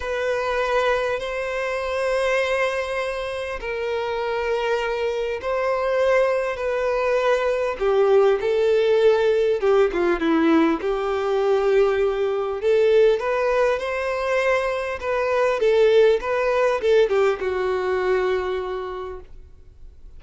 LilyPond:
\new Staff \with { instrumentName = "violin" } { \time 4/4 \tempo 4 = 100 b'2 c''2~ | c''2 ais'2~ | ais'4 c''2 b'4~ | b'4 g'4 a'2 |
g'8 f'8 e'4 g'2~ | g'4 a'4 b'4 c''4~ | c''4 b'4 a'4 b'4 | a'8 g'8 fis'2. | }